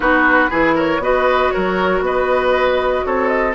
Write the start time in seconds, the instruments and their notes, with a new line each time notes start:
0.00 bassoon B3, clarinet D#4, oboe F#4, flute B4
0.49 bassoon E3, clarinet E4, oboe G#4
0.75 oboe A#4, flute C#5
0.98 bassoon B3, clarinet F#4, oboe B4, flute D#5
1.50 bassoon F#3, oboe A#4, flute C#5
2.00 bassoon B3, oboe B4, flute D#5
3.05 bassoon C4, oboe A4, flute C#5
3.28 flute D#5